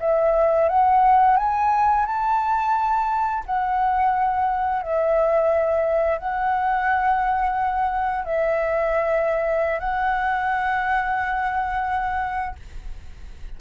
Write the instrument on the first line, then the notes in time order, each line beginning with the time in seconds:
flute
0.00 E5
0.69 F#5
1.37 G#5
2.06 A5
3.45 F#5
4.82 E5
6.18 F#5
8.24 E5
9.79 F#5